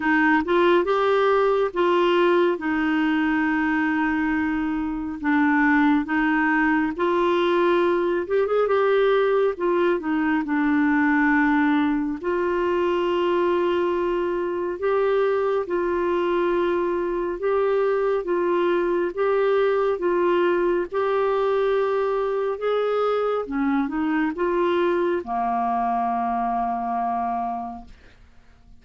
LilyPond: \new Staff \with { instrumentName = "clarinet" } { \time 4/4 \tempo 4 = 69 dis'8 f'8 g'4 f'4 dis'4~ | dis'2 d'4 dis'4 | f'4. g'16 gis'16 g'4 f'8 dis'8 | d'2 f'2~ |
f'4 g'4 f'2 | g'4 f'4 g'4 f'4 | g'2 gis'4 cis'8 dis'8 | f'4 ais2. | }